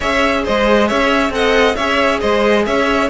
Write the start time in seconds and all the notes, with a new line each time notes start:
0.00 C#4 G#4 C#5 E5
0.44 G#3 C5 D#5
0.87 C#4 C#5 E5
1.30 C4 A4 D#5 F#5
1.75 C#4 G#4 C#5 E5
2.20 G#3 C5 D#5
2.65 C#4 C#5 E5